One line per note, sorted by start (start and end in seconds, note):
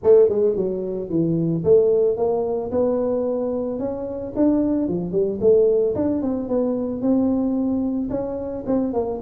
0.03 0.29 A3
0.29 0.56 G#3
0.56 1.09 F#3
1.09 1.63 E3
1.64 2.16 A3
2.16 2.71 A#3
2.71 3.79 B3
3.79 4.33 C#4
4.36 4.87 D4
4.87 5.12 F3
5.12 5.39 G3
5.41 5.95 A3
5.95 6.22 D4
6.22 6.48 C4
6.48 7.01 B3
7.01 8.09 C4
8.10 8.64 C#4
8.66 8.93 C4
8.93 9.20 A#3